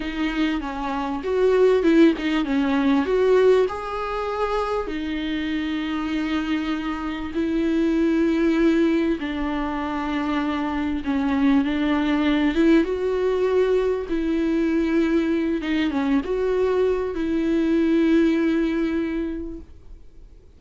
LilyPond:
\new Staff \with { instrumentName = "viola" } { \time 4/4 \tempo 4 = 98 dis'4 cis'4 fis'4 e'8 dis'8 | cis'4 fis'4 gis'2 | dis'1 | e'2. d'4~ |
d'2 cis'4 d'4~ | d'8 e'8 fis'2 e'4~ | e'4. dis'8 cis'8 fis'4. | e'1 | }